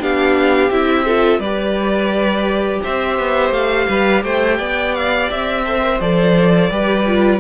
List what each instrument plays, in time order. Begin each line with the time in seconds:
0.00 cello B3, viola D4, violin G4 F5
0.70 cello C4, viola E4, violin E5
1.05 viola F4, violin A4
1.39 cello G3, viola G4, violin B4 D5
2.84 cello C4, violin C5 E5
3.19 cello B3
3.51 cello A3, violin F5
3.88 cello G3, violin B4
4.24 cello A3, violin C5 G5
4.58 cello B3, violin D5
4.95 violin F5
5.31 cello C4, violin E5
5.65 viola A4, violin C5
5.82 viola A#4
6.00 cello F3, viola A4, violin D5
6.70 cello G3, viola G4, violin B4
7.07 viola F4